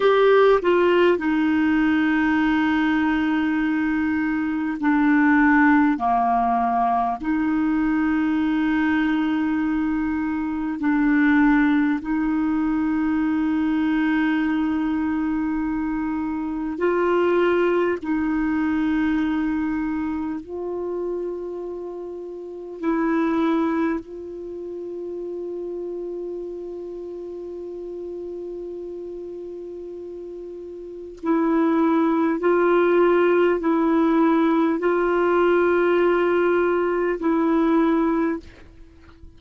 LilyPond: \new Staff \with { instrumentName = "clarinet" } { \time 4/4 \tempo 4 = 50 g'8 f'8 dis'2. | d'4 ais4 dis'2~ | dis'4 d'4 dis'2~ | dis'2 f'4 dis'4~ |
dis'4 f'2 e'4 | f'1~ | f'2 e'4 f'4 | e'4 f'2 e'4 | }